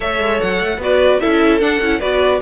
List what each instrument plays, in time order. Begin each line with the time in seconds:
0.00 cello A3, viola A4, violin C#5 E5
0.19 cello G#3
0.40 cello F#3, violin F#5
0.59 cello A3
0.77 cello B3, viola F#4, violin B4 D5
1.19 cello C#4, viola E4, violin A4 E5
1.60 viola D4, cello D4, violin F#5
1.80 cello C#4, viola E4
1.99 cello B3, viola F#4, violin B4 D5